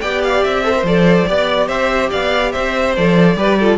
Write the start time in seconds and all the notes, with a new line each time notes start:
0.00 B3 G4 D5 G5
0.23 F5
0.43 C4 E5
0.63 A4 C5
0.75 A#4
0.83 F3 A4 D5
1.26 B3 G4 D5
1.67 C4 C5 E5
2.10 B3 D5 F5
2.51 C4 C5 E5
2.96 F3 A4 D5
3.35 G3 G4 B4
3.58 F4 A4